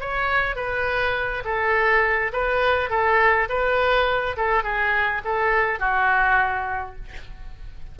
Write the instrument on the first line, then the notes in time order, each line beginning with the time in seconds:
oboe
0.00 C#5
0.56 B4
1.44 A4
2.32 B4
2.89 A4
3.49 B4
4.36 A4
4.63 G#4
5.24 A4
5.79 F#4